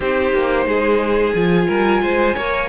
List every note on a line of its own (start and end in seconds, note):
0.00 0.33 C4
0.00 1.35 D#4
0.00 0.66 G4
0.00 1.34 C5
0.33 0.65 A#3
0.65 1.33 G#3
0.65 1.67 G#4
1.34 1.68 F3
1.34 2.36 F4
1.34 2.68 G#5
1.67 2.01 G3
1.67 2.01 A#4
2.01 2.35 G#3
2.01 2.34 C5
2.34 2.69 A#3
2.34 2.69 A#4
2.34 2.68 C#5